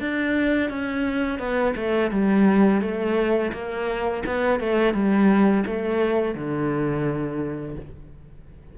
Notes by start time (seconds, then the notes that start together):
0.00 D4
0.70 C#4
1.39 B3
1.76 A3
2.11 G3
2.81 A3
3.53 A#3
4.26 B3
4.60 A3
4.94 G3
5.66 A3
6.35 D3